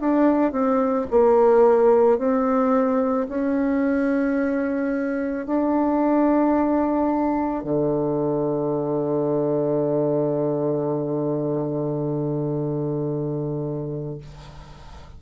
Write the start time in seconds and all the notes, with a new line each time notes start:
0.00 D4
0.52 C4
1.11 A#3
2.18 C4
3.28 C#4
5.46 D4
7.64 D3